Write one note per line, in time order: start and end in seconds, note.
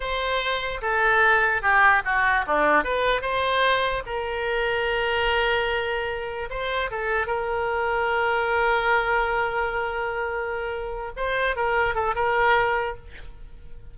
0.00 0.81 C5
0.81 1.62 A4
1.62 2.02 G4
2.04 2.45 F#4
2.46 2.84 D4
2.84 3.21 B4
3.21 4.02 C5
4.05 6.49 A#4
6.50 6.90 C5
6.90 7.26 A4
7.26 11.12 A#4
11.16 11.56 C5
11.56 11.94 A#4
11.94 12.15 A4
12.15 12.96 A#4